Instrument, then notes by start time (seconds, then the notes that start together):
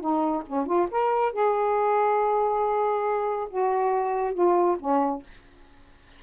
saxophone
0.00 D#4
0.47 C#4
0.66 F4
0.91 A#4
1.33 G#4
3.50 F#4
4.34 F4
4.80 C#4